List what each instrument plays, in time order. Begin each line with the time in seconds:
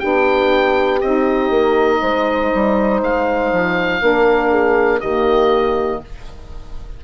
0.00 bassoon B3, saxophone D4, horn G4, oboe G5
1.01 bassoon C4, saxophone D#4, oboe D#5
1.50 bassoon A#3
2.02 bassoon G#3, horn C5
2.55 bassoon G3
3.02 bassoon G#3, oboe F5
3.53 bassoon F3
4.00 bassoon A#3, saxophone D4, horn A#4
4.51 horn G#4
5.01 bassoon D#3, saxophone A#3, horn G4, oboe D#5